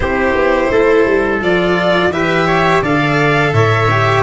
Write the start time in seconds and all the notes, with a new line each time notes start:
0.00 C4 E4 G4 C5
0.34 B3
0.71 A3 A4
1.05 G3
1.41 F3 F4 D5
2.10 E3 G4 B4 E5
2.46 C#5
2.82 D3 A4 D5 F5
3.52 A2 C#5 E5
3.91 G4